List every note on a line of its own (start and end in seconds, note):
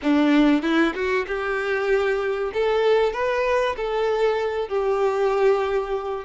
0.02 0.62 D4
0.62 0.93 E4
0.94 1.26 F#4
1.27 2.52 G4
2.53 3.12 A4
3.12 3.75 B4
3.76 4.68 A4
4.68 6.24 G4